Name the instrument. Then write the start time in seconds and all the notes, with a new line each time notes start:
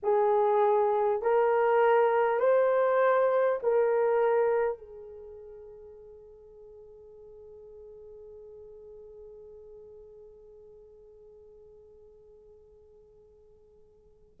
horn
0.02 G#4
1.22 A#4
2.39 C5
3.63 A#4
4.77 G#4